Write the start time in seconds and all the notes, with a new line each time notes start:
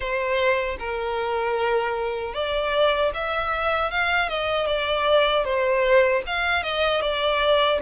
0.00 C5
0.79 A#4
2.33 D5
3.14 E5
3.90 F5
4.29 D#5
4.66 D5
5.44 C5
6.26 F5
6.62 D#5
7.01 D5